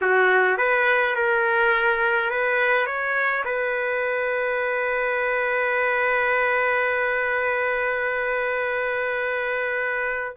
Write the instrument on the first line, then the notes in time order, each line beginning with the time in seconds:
trumpet
0.01 F#4
0.57 B4
1.15 A#4
2.30 B4
2.86 C#5
3.44 B4